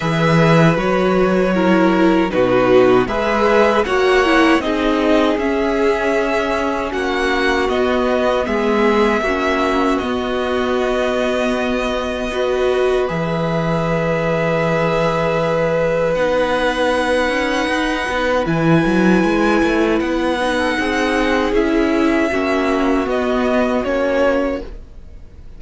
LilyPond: <<
  \new Staff \with { instrumentName = "violin" } { \time 4/4 \tempo 4 = 78 e''4 cis''2 b'4 | e''4 fis''4 dis''4 e''4~ | e''4 fis''4 dis''4 e''4~ | e''4 dis''2.~ |
dis''4 e''2.~ | e''4 fis''2. | gis''2 fis''2 | e''2 dis''4 cis''4 | }
  \new Staff \with { instrumentName = "violin" } { \time 4/4 b'2 ais'4 fis'4 | b'4 cis''4 gis'2~ | gis'4 fis'2 gis'4 | fis'1 |
b'1~ | b'1~ | b'2~ b'8. a'16 gis'4~ | gis'4 fis'2. | }
  \new Staff \with { instrumentName = "viola" } { \time 4/4 gis'4 fis'4 e'4 dis'4 | gis'4 fis'8 e'8 dis'4 cis'4~ | cis'2 b2 | cis'4 b2. |
fis'4 gis'2.~ | gis'4 dis'2. | e'2~ e'8 dis'4. | e'4 cis'4 b4 cis'4 | }
  \new Staff \with { instrumentName = "cello" } { \time 4/4 e4 fis2 b,4 | gis4 ais4 c'4 cis'4~ | cis'4 ais4 b4 gis4 | ais4 b2.~ |
b4 e2.~ | e4 b4. cis'8 dis'8 b8 | e8 fis8 gis8 a8 b4 c'4 | cis'4 ais4 b4 ais4 | }
>>